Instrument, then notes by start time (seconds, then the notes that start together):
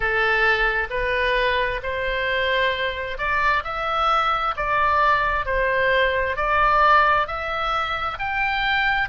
oboe
0.00 A4
0.90 B4
1.83 C5
3.17 D5
3.64 E5
4.56 D5
5.45 C5
6.36 D5
7.27 E5
8.19 G5